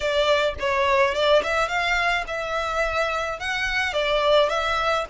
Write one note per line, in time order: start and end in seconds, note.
0.00 0.54 D5
0.59 1.14 C#5
1.14 1.42 D5
1.43 1.68 E5
1.68 2.24 F5
2.27 3.39 E5
3.39 3.93 F#5
3.93 4.49 D5
4.49 5.05 E5